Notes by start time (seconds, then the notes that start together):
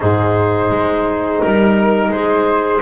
0.00 G#2 D#4 G#4 C5
0.70 G#3
1.40 G3 A#4
2.08 G#3 G#4 C5